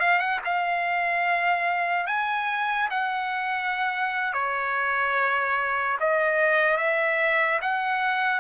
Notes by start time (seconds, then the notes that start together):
0.00 F5
0.19 F#5
0.45 F5
2.07 G#5
2.91 F#5
4.33 C#5
6.00 D#5
6.77 E5
7.62 F#5